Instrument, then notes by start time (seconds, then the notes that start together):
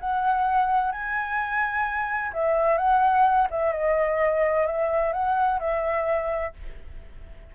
flute
0.00 F#5
0.91 G#5
2.33 E5
2.77 F#5
3.50 E5
3.72 D#5
4.66 E5
5.13 F#5
5.60 E5